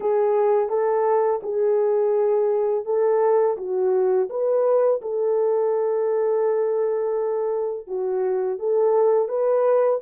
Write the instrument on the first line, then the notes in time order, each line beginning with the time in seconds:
horn
0.00 G#4
0.69 A4
1.43 G#4
2.85 A4
3.57 F#4
4.29 B4
5.01 A4
7.87 F#4
8.58 A4
9.28 B4